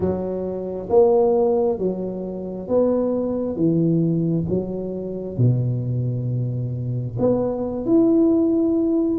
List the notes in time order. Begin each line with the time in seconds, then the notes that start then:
0.00 F#3
0.90 A#3
1.78 F#3
2.67 B3
3.55 E3
4.49 F#3
5.37 B2
7.18 B3
7.85 E4